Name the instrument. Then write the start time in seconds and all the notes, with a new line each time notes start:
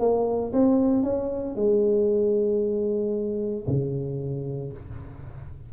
tuba
0.00 A#3
0.53 C4
1.03 C#4
1.56 G#3
3.67 C#3